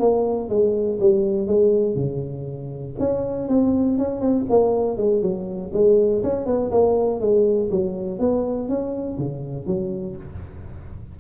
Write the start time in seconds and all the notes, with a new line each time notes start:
0.00 A#3
0.50 G#3
1.01 G3
1.48 G#3
1.96 C#3
3.00 C#4
3.49 C4
3.98 C#4
4.21 C4
4.50 A#3
4.98 G#3
5.23 F#3
5.74 G#3
6.24 C#4
6.46 B3
6.72 A#3
7.21 G#3
7.71 F#3
8.20 B3
8.69 C#4
9.18 C#3
9.67 F#3